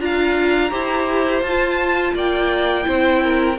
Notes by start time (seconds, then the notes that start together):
0.00 D4 F4 F5 A#5
0.70 E4 G4 C5
1.42 F4 A5
2.14 A#3 D5 G5
2.83 C4 E4 C5
3.23 A#4